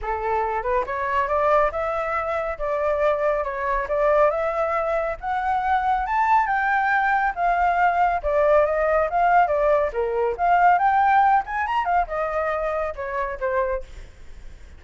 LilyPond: \new Staff \with { instrumentName = "flute" } { \time 4/4 \tempo 4 = 139 a'4. b'8 cis''4 d''4 | e''2 d''2 | cis''4 d''4 e''2 | fis''2 a''4 g''4~ |
g''4 f''2 d''4 | dis''4 f''4 d''4 ais'4 | f''4 g''4. gis''8 ais''8 f''8 | dis''2 cis''4 c''4 | }